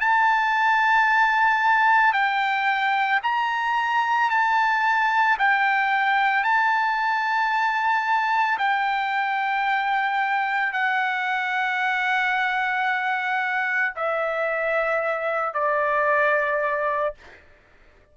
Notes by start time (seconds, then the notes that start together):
0.00 A5
2.13 G5
3.23 A#5
4.30 A5
5.38 G5
6.43 A5
8.58 G5
10.72 F#5
13.95 E5
15.54 D5